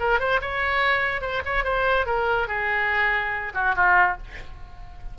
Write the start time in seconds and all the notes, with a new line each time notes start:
0.00 A#4
0.20 C5
0.41 C#5
1.21 C5
1.46 C#5
1.64 C5
2.06 A#4
2.48 G#4
3.54 F#4
3.76 F4